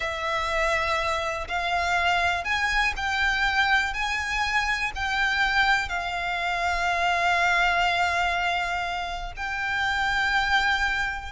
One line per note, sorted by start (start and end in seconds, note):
0.00 1.47 E5
1.48 2.44 F5
2.44 2.93 G#5
2.96 3.93 G5
3.93 4.91 G#5
4.95 5.88 G5
5.88 9.33 F5
9.36 11.32 G5